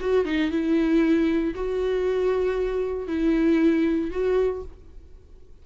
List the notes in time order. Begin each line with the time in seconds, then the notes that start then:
0.00 F#4
0.25 D#4
0.51 E4
1.55 F#4
3.08 E4
4.11 F#4